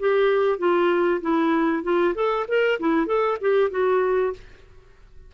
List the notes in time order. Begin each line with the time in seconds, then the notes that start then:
0.00 G4
0.59 F4
1.22 E4
1.84 F4
2.15 A4
2.49 A#4
2.80 E4
3.07 A4
3.41 G4
3.71 F#4